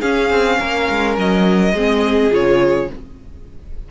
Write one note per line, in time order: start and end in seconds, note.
0.00 0.31 C#4
0.00 1.74 C#4
0.00 0.57 G#4
0.00 1.16 F5
0.31 0.59 C4
0.60 0.89 A#3
0.60 1.74 A#4
0.90 1.18 G#3
1.18 1.73 F#3
1.18 2.33 D#5
1.73 2.30 G#3
1.73 2.31 C4
1.73 2.89 G#4
2.31 2.90 C#3
2.31 2.88 F4
2.31 2.91 C#5